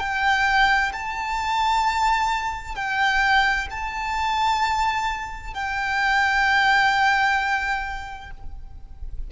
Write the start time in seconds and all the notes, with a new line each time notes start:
0.00 G5
0.94 A5
2.76 G5
3.71 A5
5.54 G5